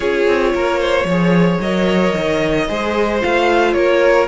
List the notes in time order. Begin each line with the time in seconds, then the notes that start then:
0.00 C#4 F4 G#4 C#5
0.27 C4
0.54 A#3 A#4
0.79 C5
1.04 F3 G#4 C#5
1.60 F#3 A#4 D#5
2.16 D#3
2.68 G#3 G#4 C5
3.20 A3 F4 F5
3.73 A#3 A#4 C#5